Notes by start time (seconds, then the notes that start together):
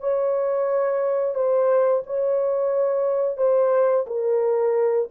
0.00 C#5
1.35 C5
2.07 C#5
3.37 C5
4.07 A#4